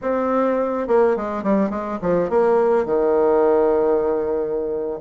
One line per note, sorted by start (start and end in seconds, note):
0.01 0.87 C4
0.87 1.16 A#3
1.16 1.43 G#3
1.43 1.70 G3
1.70 1.98 G#3
2.01 2.29 F3
2.29 2.85 A#3
2.85 4.99 D#3